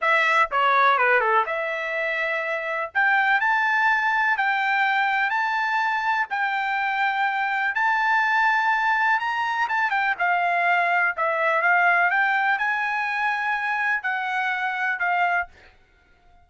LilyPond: \new Staff \with { instrumentName = "trumpet" } { \time 4/4 \tempo 4 = 124 e''4 cis''4 b'8 a'8 e''4~ | e''2 g''4 a''4~ | a''4 g''2 a''4~ | a''4 g''2. |
a''2. ais''4 | a''8 g''8 f''2 e''4 | f''4 g''4 gis''2~ | gis''4 fis''2 f''4 | }